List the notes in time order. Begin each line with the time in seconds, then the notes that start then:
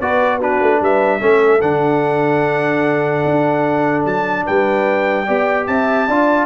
0.00 B3 F#4 B4 D5
0.37 D4 F#4 B4
0.61 A3
0.79 G3 B4 E5
1.20 A3 C#4 A4
1.61 D3 D4 F#5
3.24 D4
4.04 F#3 A5
4.45 G3 B4 G5
5.26 B3 G4 D5
5.67 C4 E5 A5
6.08 D4 F4 D5